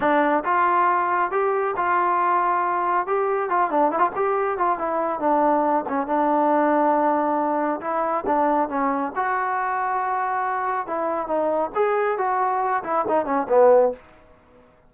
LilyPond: \new Staff \with { instrumentName = "trombone" } { \time 4/4 \tempo 4 = 138 d'4 f'2 g'4 | f'2. g'4 | f'8 d'8 e'16 f'16 g'4 f'8 e'4 | d'4. cis'8 d'2~ |
d'2 e'4 d'4 | cis'4 fis'2.~ | fis'4 e'4 dis'4 gis'4 | fis'4. e'8 dis'8 cis'8 b4 | }